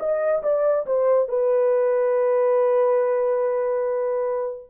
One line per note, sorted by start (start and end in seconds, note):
0.00 0.43 D#5
0.43 0.86 D5
0.86 1.29 C5
1.29 4.70 B4